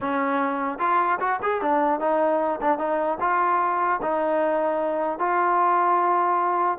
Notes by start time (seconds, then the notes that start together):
0.00 C#4
0.79 F4
1.20 F#4
1.42 G#4
1.61 D4
1.99 D#4
2.61 D4
2.78 D#4
3.20 F4
4.01 D#4
5.19 F4